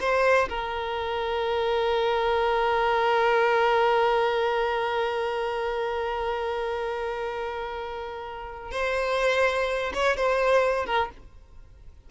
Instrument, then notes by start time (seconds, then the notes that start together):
violin
0.00 C5
0.49 A#4
8.71 C5
9.94 C#5
10.16 C5
10.86 A#4